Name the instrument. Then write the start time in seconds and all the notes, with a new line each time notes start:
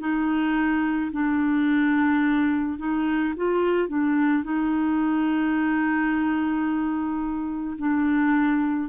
clarinet
0.00 D#4
1.12 D4
2.78 D#4
3.36 F4
3.88 D4
4.43 D#4
7.78 D4